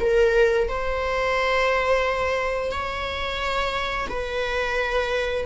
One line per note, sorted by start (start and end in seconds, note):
0.00 0.68 A#4
0.68 2.71 C5
2.71 4.08 C#5
4.09 5.46 B4